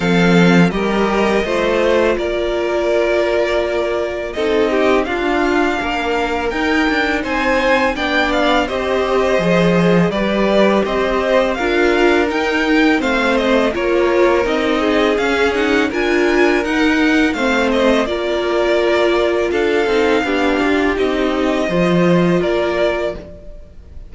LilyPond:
<<
  \new Staff \with { instrumentName = "violin" } { \time 4/4 \tempo 4 = 83 f''4 dis''2 d''4~ | d''2 dis''4 f''4~ | f''4 g''4 gis''4 g''8 f''8 | dis''2 d''4 dis''4 |
f''4 g''4 f''8 dis''8 cis''4 | dis''4 f''8 fis''8 gis''4 fis''4 | f''8 dis''8 d''2 f''4~ | f''4 dis''2 d''4 | }
  \new Staff \with { instrumentName = "violin" } { \time 4/4 a'4 ais'4 c''4 ais'4~ | ais'2 a'8 g'8 f'4 | ais'2 c''4 d''4 | c''2 b'4 c''4 |
ais'2 c''4 ais'4~ | ais'8 gis'4. ais'2 | c''4 ais'2 a'4 | g'2 c''4 ais'4 | }
  \new Staff \with { instrumentName = "viola" } { \time 4/4 c'4 g'4 f'2~ | f'2 dis'4 d'4~ | d'4 dis'2 d'4 | g'4 gis'4 g'2 |
f'4 dis'4 c'4 f'4 | dis'4 cis'8 dis'8 f'4 dis'4 | c'4 f'2~ f'8 dis'8 | d'4 dis'4 f'2 | }
  \new Staff \with { instrumentName = "cello" } { \time 4/4 f4 g4 a4 ais4~ | ais2 c'4 d'4 | ais4 dis'8 d'8 c'4 b4 | c'4 f4 g4 c'4 |
d'4 dis'4 a4 ais4 | c'4 cis'4 d'4 dis'4 | a4 ais2 d'8 c'8 | b8 f'8 c'4 f4 ais4 | }
>>